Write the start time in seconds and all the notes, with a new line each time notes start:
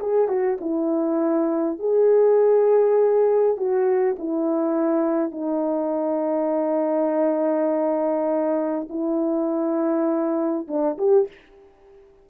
0.00 G#4
0.28 F#4
0.61 E4
1.80 G#4
3.57 F#4
4.19 E4
5.32 D#4
8.89 E4
10.68 D4
10.98 G4